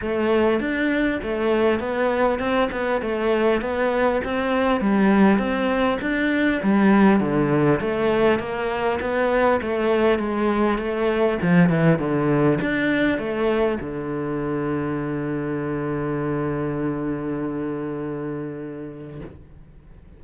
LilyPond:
\new Staff \with { instrumentName = "cello" } { \time 4/4 \tempo 4 = 100 a4 d'4 a4 b4 | c'8 b8 a4 b4 c'4 | g4 c'4 d'4 g4 | d4 a4 ais4 b4 |
a4 gis4 a4 f8 e8 | d4 d'4 a4 d4~ | d1~ | d1 | }